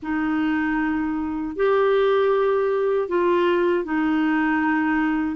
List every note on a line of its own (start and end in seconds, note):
0.02 1.56 D#4
1.56 3.08 G4
3.08 3.84 F4
3.84 5.35 D#4